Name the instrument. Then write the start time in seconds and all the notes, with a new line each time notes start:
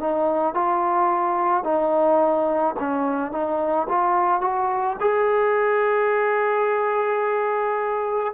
trombone
0.00 D#4
0.55 F4
1.64 D#4
2.80 C#4
3.32 D#4
3.89 F4
4.41 F#4
5.01 G#4